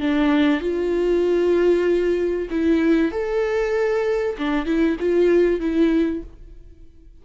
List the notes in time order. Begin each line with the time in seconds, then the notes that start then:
0.00 D4
0.61 F4
2.50 E4
3.11 A4
4.38 D4
4.65 E4
4.99 F4
5.60 E4